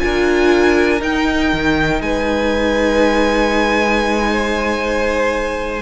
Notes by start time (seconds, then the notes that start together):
0.00 D4 F4 A#4 G#5
1.00 D#4 G5
1.53 D#3
2.01 G#3 B4 G#5
4.31 C5